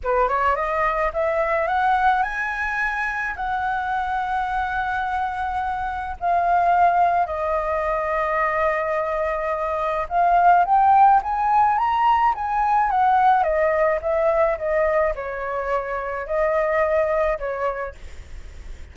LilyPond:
\new Staff \with { instrumentName = "flute" } { \time 4/4 \tempo 4 = 107 b'8 cis''8 dis''4 e''4 fis''4 | gis''2 fis''2~ | fis''2. f''4~ | f''4 dis''2.~ |
dis''2 f''4 g''4 | gis''4 ais''4 gis''4 fis''4 | dis''4 e''4 dis''4 cis''4~ | cis''4 dis''2 cis''4 | }